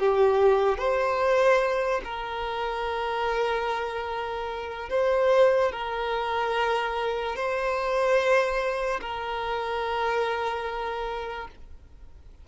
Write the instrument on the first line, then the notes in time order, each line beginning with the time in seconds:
violin
0.00 G4
0.78 C5
2.05 A#4
4.90 C5
5.72 A#4
7.36 C5
9.01 A#4